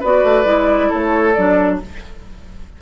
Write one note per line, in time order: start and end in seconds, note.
0.00 0.24 B3
0.00 0.45 F#4
0.00 0.89 B4
0.00 0.92 D5
0.24 0.46 A3
0.45 0.90 G#3
0.45 1.34 E4
0.89 1.37 A3
0.89 1.78 A4
0.89 1.34 C#5
1.34 1.82 F#3
1.34 1.82 D4
1.34 1.78 D5